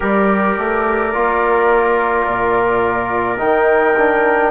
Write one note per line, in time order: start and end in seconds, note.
0.00 0.57 G3
0.00 1.11 G4
0.00 4.50 A#4
0.00 3.39 D5
0.57 1.14 A3
1.13 2.26 A#3
1.13 3.37 F4
2.26 3.40 A#2
3.37 4.50 D#3
3.37 3.93 D#4
3.37 4.50 G5
3.97 4.50 D4